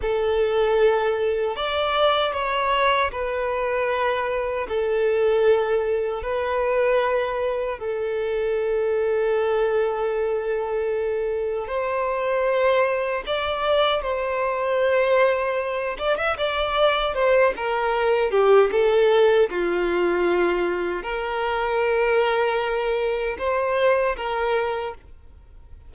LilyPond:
\new Staff \with { instrumentName = "violin" } { \time 4/4 \tempo 4 = 77 a'2 d''4 cis''4 | b'2 a'2 | b'2 a'2~ | a'2. c''4~ |
c''4 d''4 c''2~ | c''8 d''16 e''16 d''4 c''8 ais'4 g'8 | a'4 f'2 ais'4~ | ais'2 c''4 ais'4 | }